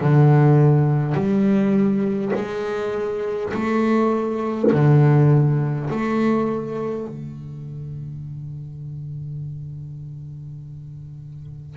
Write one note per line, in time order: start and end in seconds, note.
0.00 1.14 D3
1.14 2.32 G3
2.35 3.52 G#3
3.53 4.71 A3
4.72 5.89 D3
5.89 7.07 A3
7.07 11.77 D3